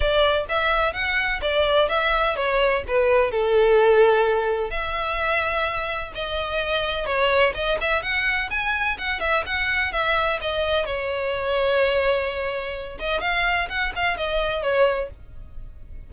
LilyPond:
\new Staff \with { instrumentName = "violin" } { \time 4/4 \tempo 4 = 127 d''4 e''4 fis''4 d''4 | e''4 cis''4 b'4 a'4~ | a'2 e''2~ | e''4 dis''2 cis''4 |
dis''8 e''8 fis''4 gis''4 fis''8 e''8 | fis''4 e''4 dis''4 cis''4~ | cis''2.~ cis''8 dis''8 | f''4 fis''8 f''8 dis''4 cis''4 | }